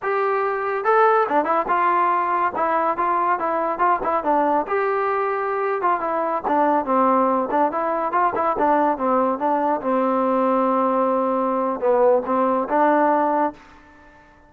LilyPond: \new Staff \with { instrumentName = "trombone" } { \time 4/4 \tempo 4 = 142 g'2 a'4 d'8 e'8 | f'2 e'4 f'4 | e'4 f'8 e'8 d'4 g'4~ | g'4.~ g'16 f'8 e'4 d'8.~ |
d'16 c'4. d'8 e'4 f'8 e'16~ | e'16 d'4 c'4 d'4 c'8.~ | c'1 | b4 c'4 d'2 | }